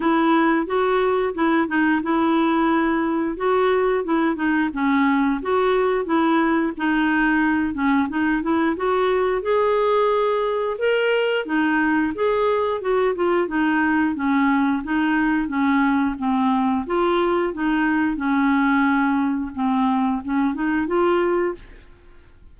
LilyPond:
\new Staff \with { instrumentName = "clarinet" } { \time 4/4 \tempo 4 = 89 e'4 fis'4 e'8 dis'8 e'4~ | e'4 fis'4 e'8 dis'8 cis'4 | fis'4 e'4 dis'4. cis'8 | dis'8 e'8 fis'4 gis'2 |
ais'4 dis'4 gis'4 fis'8 f'8 | dis'4 cis'4 dis'4 cis'4 | c'4 f'4 dis'4 cis'4~ | cis'4 c'4 cis'8 dis'8 f'4 | }